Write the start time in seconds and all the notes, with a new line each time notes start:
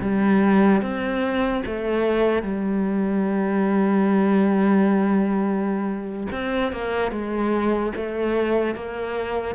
0.00 G3
0.81 C4
1.65 A3
2.42 G3
6.31 C4
6.72 A#3
7.11 G#3
7.96 A3
8.75 A#3